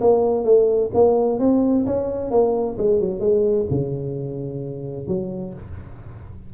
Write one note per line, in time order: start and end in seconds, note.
0.00 0.44 A#3
0.44 0.90 A3
0.94 1.39 A#3
1.39 1.85 C4
1.86 2.31 C#4
2.31 2.77 A#3
2.78 3.00 G#3
3.00 3.20 F#3
3.20 3.66 G#3
3.70 5.07 C#3
5.07 5.53 F#3